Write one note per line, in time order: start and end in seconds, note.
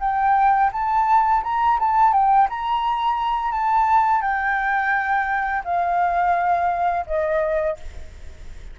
0.00 0.71 G5
0.72 1.43 A5
1.43 1.79 A#5
1.79 2.12 A5
2.12 2.48 G5
2.50 3.51 A#5
3.51 4.22 A5
4.22 5.63 G5
5.64 7.06 F5
7.06 7.77 D#5